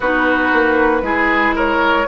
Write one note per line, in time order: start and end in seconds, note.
0.00 0.52 B3
0.00 1.02 D#4
0.00 1.01 F#4
0.00 1.56 B4
0.52 1.02 A#3
1.02 2.05 G#3
1.02 2.05 E4
1.02 1.55 G#4
1.55 2.07 A#4
1.55 2.07 C#5